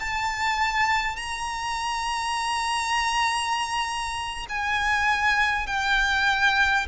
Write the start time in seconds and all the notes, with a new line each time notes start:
0.00 A5
1.16 A#5
4.49 G#5
5.67 G5